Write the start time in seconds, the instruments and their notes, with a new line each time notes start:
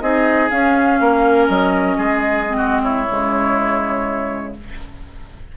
0.00 bassoon C4, clarinet D#4, oboe G#4, flute D#5
0.49 clarinet C#4, bassoon C#4, flute F5
1.00 bassoon A#3, oboe A#4
1.47 bassoon F#3, flute D#5
1.97 bassoon G#3, oboe G#4
2.46 clarinet C4
2.56 oboe F#4
2.82 oboe E4, flute C#5
3.08 bassoon C#3, clarinet G#3